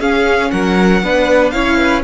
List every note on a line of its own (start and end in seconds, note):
0.00 0.51 C#4
0.00 1.02 C#4
0.00 0.51 G#4
0.00 0.51 F5
0.51 1.03 F#3
0.51 1.04 A#4
0.51 1.51 F#5
1.03 1.54 B3
1.03 1.54 D4
1.03 1.54 B4
1.51 2.04 C#4
1.51 2.04 E4
1.51 1.78 C#5
1.51 2.02 F5
1.78 2.04 B4